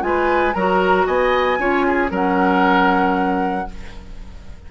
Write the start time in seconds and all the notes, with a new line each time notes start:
0.00 G#3 F4 B4 G#5
0.53 F#3 F#4 A#4 A#5
1.06 B3 D#5 G#5
1.58 C#4 F4 C#5
1.87 G#4
2.08 F#3 C#4 A#4 F#5